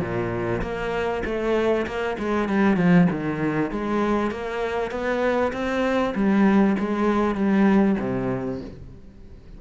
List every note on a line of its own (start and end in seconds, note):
0.00 0.61 A#2
0.61 1.22 A#3
1.25 1.86 A3
1.86 2.17 A#3
2.18 2.48 G#3
2.48 2.76 G3
2.76 3.07 F3
3.10 3.71 D#3
3.71 4.31 G#3
4.31 4.91 A#3
4.91 5.52 B3
5.52 6.13 C4
6.14 6.76 G3
6.79 7.35 G#3
7.35 7.96 G3
8.00 8.61 C3